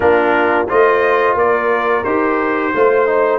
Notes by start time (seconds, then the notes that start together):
0.00 A#3 D4 F4 A#4
0.68 A3 F4 C5 D#5
1.34 A#3 A#4 D5
2.03 D#4 G4 C5
2.73 A3 F4 C5
3.06 D#4